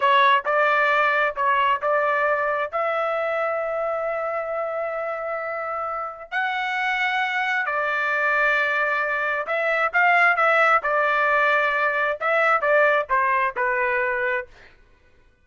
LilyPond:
\new Staff \with { instrumentName = "trumpet" } { \time 4/4 \tempo 4 = 133 cis''4 d''2 cis''4 | d''2 e''2~ | e''1~ | e''2 fis''2~ |
fis''4 d''2.~ | d''4 e''4 f''4 e''4 | d''2. e''4 | d''4 c''4 b'2 | }